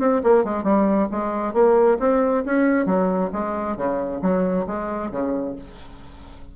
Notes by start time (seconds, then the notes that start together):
0.00 C4
0.24 A#3
0.45 G#3
0.64 G3
1.12 G#3
1.54 A#3
2.00 C4
2.46 C#4
2.86 F#3
3.33 G#3
3.77 C#3
4.22 F#3
4.67 G#3
5.12 C#3